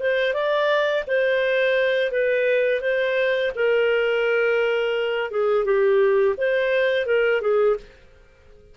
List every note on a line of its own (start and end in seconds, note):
0.00 0.34 C5
0.34 1.04 D5
1.07 2.11 C5
2.11 2.81 B4
2.81 3.52 C5
3.56 5.31 A#4
5.31 5.65 G#4
5.65 6.36 G4
6.37 7.06 C5
7.06 7.41 A#4
7.41 7.77 G#4